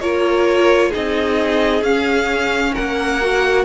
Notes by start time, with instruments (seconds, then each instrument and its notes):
0.00 cello A#3, viola F4, violin A#4 C#5
0.89 viola D#4, violin G#4 D#5
0.95 cello C4
1.82 cello C#4, viola C#4, violin F5
2.73 cello A#3, violin A#4 F#5
3.21 viola F#4